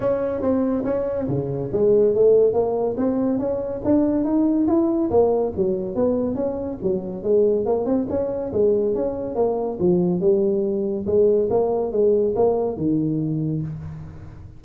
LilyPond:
\new Staff \with { instrumentName = "tuba" } { \time 4/4 \tempo 4 = 141 cis'4 c'4 cis'4 cis4 | gis4 a4 ais4 c'4 | cis'4 d'4 dis'4 e'4 | ais4 fis4 b4 cis'4 |
fis4 gis4 ais8 c'8 cis'4 | gis4 cis'4 ais4 f4 | g2 gis4 ais4 | gis4 ais4 dis2 | }